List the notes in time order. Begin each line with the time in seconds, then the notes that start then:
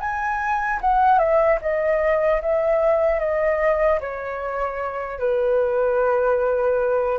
0.00 G#5
0.81 F#5
1.19 E5
1.61 D#5
2.42 E5
3.20 D#5
4.01 C#5
5.19 B4